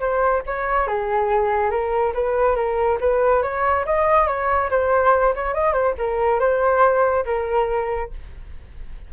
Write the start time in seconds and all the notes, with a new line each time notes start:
0.00 C5
0.46 C#5
0.87 G#4
1.71 A#4
2.14 B4
2.56 A#4
3.01 B4
3.43 C#5
3.86 D#5
4.27 C#5
4.71 C5
5.35 C#5
5.54 D#5
5.73 C5
5.98 A#4
6.40 C5
7.26 A#4